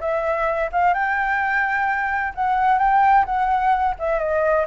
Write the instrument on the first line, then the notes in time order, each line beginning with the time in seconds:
flute
0.00 E5
0.72 F5
0.94 G5
2.34 F#5
2.78 G5
3.25 F#5
3.99 E5
4.19 D#5